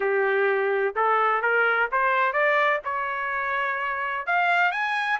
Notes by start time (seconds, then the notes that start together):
0.00 G4
0.95 A4
1.42 A#4
1.91 C5
2.33 D5
2.84 C#5
4.26 F5
4.71 G#5